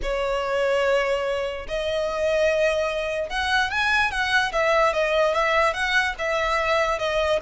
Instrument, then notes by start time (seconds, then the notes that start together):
violin
0.02 C#5
1.68 D#5
3.29 F#5
3.70 G#5
4.11 F#5
4.52 E5
4.93 D#5
5.34 E5
5.73 F#5
6.18 E5
6.98 D#5